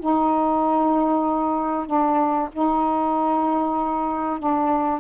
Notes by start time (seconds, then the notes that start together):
0.00 D#4
1.87 D4
2.53 D#4
4.39 D4